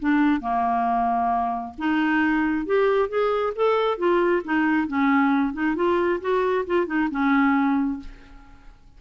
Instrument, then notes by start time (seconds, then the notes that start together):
clarinet
0.00 D4
0.41 A#3
1.79 D#4
2.66 G4
3.09 G#4
3.56 A4
3.98 F4
4.45 D#4
4.88 C#4
5.54 D#4
5.76 F4
6.21 F#4
6.67 F4
6.87 D#4
7.11 C#4